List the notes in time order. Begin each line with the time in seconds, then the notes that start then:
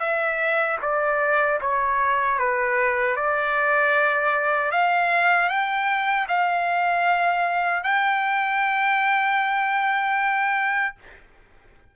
0.00 E5
0.82 D5
1.61 C#5
2.39 B4
3.16 D5
4.71 F5
5.49 G5
6.28 F5
7.83 G5